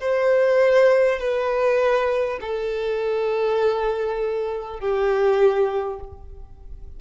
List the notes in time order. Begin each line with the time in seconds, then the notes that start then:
0.00 C5
1.19 B4
2.41 A4
4.79 G4